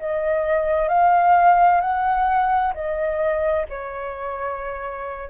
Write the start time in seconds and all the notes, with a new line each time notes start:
0.00 D#5
0.89 F5
1.81 F#5
2.74 D#5
3.70 C#5